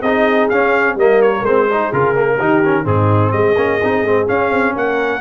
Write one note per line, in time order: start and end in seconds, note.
0.00 0.48 C4
0.00 0.94 G#4
0.00 0.49 D#5
0.06 0.52 D#4
0.49 0.95 C#4
0.49 0.98 C#4
0.49 0.96 F5
0.95 1.42 G3
0.95 1.45 A#3
0.95 1.69 A#4
0.95 1.21 D#5
1.21 1.45 C#5
1.42 1.89 G#3
1.42 1.70 C4
1.42 1.92 C5
1.70 1.93 D#4
1.70 2.36 G#4
1.92 2.39 C#3
1.92 2.15 F4
1.92 2.86 A#4
2.15 2.38 A#3
2.36 2.85 D#3
2.36 2.63 D#4
2.36 2.83 G4
2.65 2.84 C#4
2.84 3.32 G#2
2.84 3.55 C4
2.84 3.32 D#4
2.84 3.31 G#4
3.31 3.55 G#3
3.31 4.75 G#4
3.31 4.26 D#5
3.56 3.80 A#3
3.56 3.80 C#4
3.83 4.03 C4
3.83 4.06 D#4
4.03 4.26 G#3
4.03 4.26 C4
4.26 5.20 C#4
4.26 4.50 C#4
4.26 4.75 F5
4.50 4.73 C4
4.75 5.20 A#3
4.75 5.20 A#4
4.75 5.20 F#5